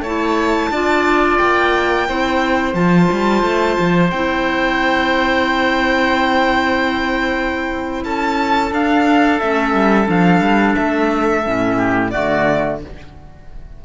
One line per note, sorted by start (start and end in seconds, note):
0.00 0.68 A3
0.00 0.72 E4
0.00 0.70 C#5
0.00 1.37 A5
0.70 1.38 D4
0.70 2.07 F4
0.70 2.08 D5
1.37 2.09 A#3
1.37 2.73 G5
2.07 2.74 C4
2.07 2.73 E4
2.07 8.04 C5
2.73 3.08 F3
2.73 4.09 F4
2.73 4.10 A5
3.12 3.42 G3
3.42 3.77 A3
3.79 4.12 F3
4.10 8.04 C4
4.10 8.72 E4
4.10 8.02 G5
8.04 8.71 C#4
8.04 11.77 A4
8.04 8.72 A5
8.71 9.39 D4
8.71 9.40 D4
8.71 9.39 F5
9.39 9.73 A3
9.39 10.05 C#4
9.39 10.07 E5
9.73 10.07 G3
10.05 10.40 F3
10.05 11.41 D4
10.05 10.75 F5
10.40 10.74 G3
10.75 11.46 A3
10.75 12.10 E5
11.45 12.14 A2
11.45 12.11 C#4
11.77 12.11 G4
12.10 12.79 A3
12.10 12.80 F#4
12.10 12.78 D5
12.16 12.84 D3